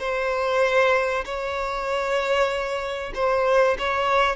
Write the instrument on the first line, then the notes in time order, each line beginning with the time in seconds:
violin
0.00 C5
1.25 C#5
3.15 C5
3.79 C#5